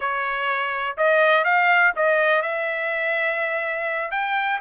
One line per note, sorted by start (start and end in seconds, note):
0.00 0.97 C#5
0.97 1.44 D#5
1.44 1.92 F5
1.96 2.42 D#5
2.42 4.11 E5
4.11 4.59 G5